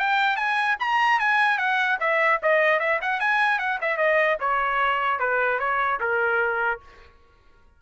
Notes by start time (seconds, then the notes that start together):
0.00 G5
0.37 G#5
0.80 A#5
1.20 G#5
1.58 F#5
2.00 E5
2.43 D#5
2.80 E5
3.02 F#5
3.20 G#5
3.59 F#5
3.82 E5
3.98 D#5
4.40 C#5
5.20 B4
5.60 C#5
6.00 A#4